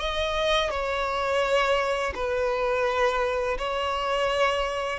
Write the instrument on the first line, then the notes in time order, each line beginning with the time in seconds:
violin
0.00 D#5
0.71 C#5
2.15 B4
3.58 C#5